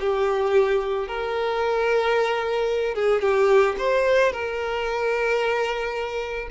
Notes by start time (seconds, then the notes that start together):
0.00 G4
1.08 A#4
2.95 G#4
3.22 G4
3.79 C5
4.33 A#4